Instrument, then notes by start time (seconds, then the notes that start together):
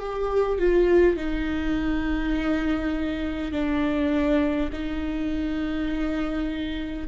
viola
0.00 G4
0.59 F4
1.17 D#4
3.52 D4
4.72 D#4